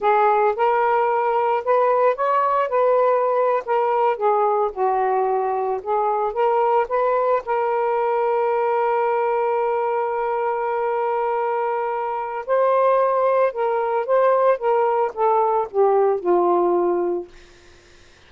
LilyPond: \new Staff \with { instrumentName = "saxophone" } { \time 4/4 \tempo 4 = 111 gis'4 ais'2 b'4 | cis''4 b'4.~ b'16 ais'4 gis'16~ | gis'8. fis'2 gis'4 ais'16~ | ais'8. b'4 ais'2~ ais'16~ |
ais'1~ | ais'2. c''4~ | c''4 ais'4 c''4 ais'4 | a'4 g'4 f'2 | }